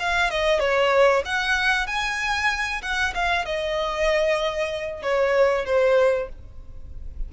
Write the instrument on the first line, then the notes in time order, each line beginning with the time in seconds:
violin
0.00 F5
0.31 D#5
0.60 C#5
1.26 F#5
1.87 G#5
2.82 F#5
3.15 F5
3.46 D#5
5.03 C#5
5.66 C5